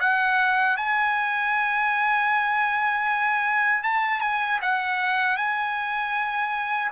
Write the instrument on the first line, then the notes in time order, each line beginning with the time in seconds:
trumpet
0.00 F#5
0.77 G#5
3.84 A5
4.21 G#5
4.62 F#5
5.37 G#5